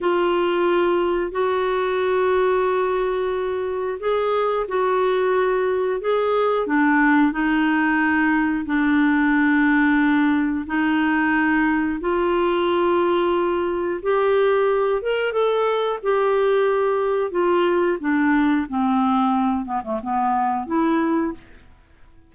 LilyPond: \new Staff \with { instrumentName = "clarinet" } { \time 4/4 \tempo 4 = 90 f'2 fis'2~ | fis'2 gis'4 fis'4~ | fis'4 gis'4 d'4 dis'4~ | dis'4 d'2. |
dis'2 f'2~ | f'4 g'4. ais'8 a'4 | g'2 f'4 d'4 | c'4. b16 a16 b4 e'4 | }